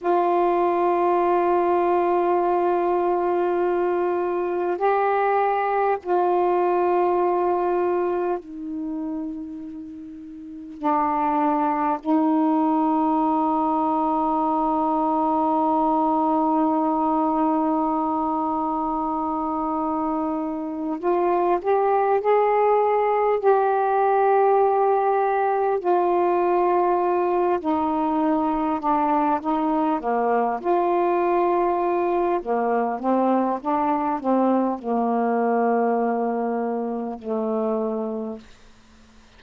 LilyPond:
\new Staff \with { instrumentName = "saxophone" } { \time 4/4 \tempo 4 = 50 f'1 | g'4 f'2 dis'4~ | dis'4 d'4 dis'2~ | dis'1~ |
dis'4. f'8 g'8 gis'4 g'8~ | g'4. f'4. dis'4 | d'8 dis'8 ais8 f'4. ais8 c'8 | d'8 c'8 ais2 a4 | }